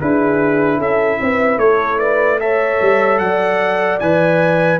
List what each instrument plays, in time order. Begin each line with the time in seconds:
0.00 tuba D4, trombone E4, horn G#4, trumpet B4
0.78 tuba C#4, horn A4, trumpet E5
1.21 tuba C4, horn B4
1.58 tuba A3, horn A4, trumpet C#5
1.99 horn B4, trumpet D5
2.40 trombone A4, horn C#5, trumpet E5
2.82 tuba G3
3.19 tuba F#3, horn D5, trumpet F#5
4.00 tuba E3, trombone B4, trumpet G#5